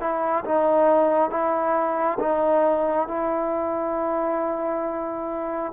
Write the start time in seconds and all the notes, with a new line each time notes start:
0.00 E4
0.45 D#4
1.30 E4
2.19 D#4
3.08 E4